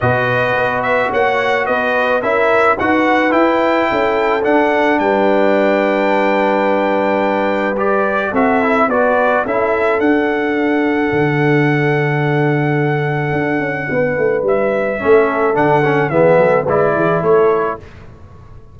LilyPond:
<<
  \new Staff \with { instrumentName = "trumpet" } { \time 4/4 \tempo 4 = 108 dis''4. e''8 fis''4 dis''4 | e''4 fis''4 g''2 | fis''4 g''2.~ | g''2 d''4 e''4 |
d''4 e''4 fis''2~ | fis''1~ | fis''2 e''2 | fis''4 e''4 d''4 cis''4 | }
  \new Staff \with { instrumentName = "horn" } { \time 4/4 b'2 cis''4 b'4 | ais'4 b'2 a'4~ | a'4 b'2.~ | b'2. a'4 |
b'4 a'2.~ | a'1~ | a'4 b'2 a'4~ | a'4 gis'8 a'8 b'8 gis'8 a'4 | }
  \new Staff \with { instrumentName = "trombone" } { \time 4/4 fis'1 | e'4 fis'4 e'2 | d'1~ | d'2 g'4 fis'8 e'8 |
fis'4 e'4 d'2~ | d'1~ | d'2. cis'4 | d'8 cis'8 b4 e'2 | }
  \new Staff \with { instrumentName = "tuba" } { \time 4/4 b,4 b4 ais4 b4 | cis'4 dis'4 e'4 cis'4 | d'4 g2.~ | g2. c'4 |
b4 cis'4 d'2 | d1 | d'8 cis'8 b8 a8 g4 a4 | d4 e8 fis8 gis8 e8 a4 | }
>>